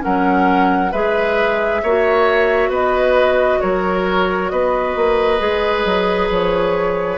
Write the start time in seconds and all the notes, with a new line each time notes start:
0.00 F#3 C#4 A#4 F#5
0.91 G#3 G#4 B4 E5
1.83 A#3 F#4 C#5
2.68 B3 B4 D#5
3.61 F#3 A#4 C#5
4.49 B3 B4 D#5
4.95 A#3
5.39 G#3 G#4
5.85 F#3
6.30 F3 C#5